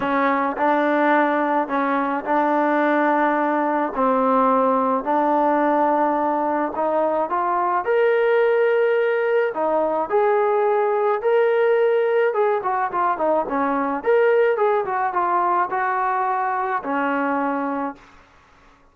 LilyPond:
\new Staff \with { instrumentName = "trombone" } { \time 4/4 \tempo 4 = 107 cis'4 d'2 cis'4 | d'2. c'4~ | c'4 d'2. | dis'4 f'4 ais'2~ |
ais'4 dis'4 gis'2 | ais'2 gis'8 fis'8 f'8 dis'8 | cis'4 ais'4 gis'8 fis'8 f'4 | fis'2 cis'2 | }